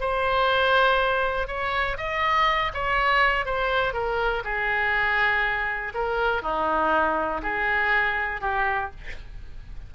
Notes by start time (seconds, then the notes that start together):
0.00 C5
1.47 C#5
1.97 D#5
2.74 C#5
3.45 C5
3.93 A#4
4.44 G#4
5.94 A#4
6.42 D#4
7.42 G#4
8.40 G4